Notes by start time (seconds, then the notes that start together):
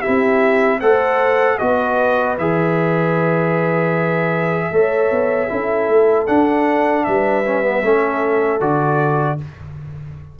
0.00 E4 G4 E5
0.07 C4
0.80 A3 A4 C5 F#5
1.58 B3 F#4 B4 D#5
2.38 E3 G#4 E5
4.71 A3 A4 C#5
5.11 B3
5.49 C#4 E4 A4
5.88 A3
6.27 D4 F#5
7.04 G3 B4 E5
7.46 C#4
7.63 B3
7.83 A3 C#4 A4
8.60 D3 F#4 D5